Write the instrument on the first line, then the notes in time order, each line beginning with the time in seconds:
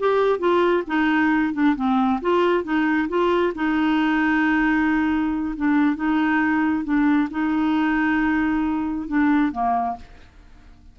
clarinet
0.00 G4
0.39 F4
0.87 D#4
1.54 D4
1.76 C4
2.22 F4
2.64 D#4
3.09 F4
3.55 D#4
5.56 D4
5.96 D#4
6.84 D4
7.31 D#4
9.08 D4
9.52 A#3